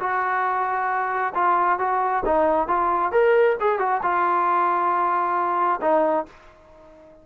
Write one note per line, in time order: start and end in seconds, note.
0.00 1.33 F#4
1.35 1.79 F4
1.79 2.23 F#4
2.25 2.68 D#4
2.68 3.12 F4
3.12 3.56 A#4
3.60 3.79 G#4
3.79 4.01 F#4
4.03 5.80 F4
5.81 6.26 D#4